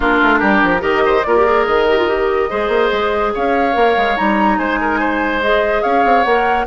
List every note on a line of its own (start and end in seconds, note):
0.00 0.21 A#3
0.00 0.79 D4
0.00 0.39 F4
0.00 0.82 A#4
0.22 0.41 A3
0.39 0.62 G3
0.39 0.81 G4
0.63 0.82 F3
0.79 1.23 D#3
0.79 1.21 G4
0.79 1.02 A#4
0.79 1.23 D#5
1.05 1.26 C5
1.23 1.67 A#3
1.23 1.37 F4
1.23 2.50 A#4
1.23 1.64 D5
1.37 1.45 G4
1.45 1.87 G#4
1.65 2.50 D#3
1.65 3.32 D#5
1.88 1.98 G4
1.98 2.08 F4
2.08 2.49 G4
2.49 2.68 G#3
2.49 3.72 G#4
2.49 3.33 C5
2.68 2.89 A#3
2.92 3.33 G#3
3.34 3.75 C#4
3.34 4.58 C#5
3.34 4.16 F5
3.72 3.96 A#3
3.72 4.14 A#4
3.97 4.17 G#3
4.16 4.58 G3
4.16 5.41 D#4
4.16 4.58 A#5
4.58 5.83 G#3
4.58 4.79 C5
4.58 5.41 G#5
4.80 4.99 A#4
4.99 5.82 C5
5.41 6.25 G#4
5.41 5.82 D#5
5.82 6.04 C#4
5.82 6.65 C#5
5.82 6.23 F5
6.04 6.25 C4
6.23 6.66 A#3
6.23 6.66 A#4
6.23 6.65 F#5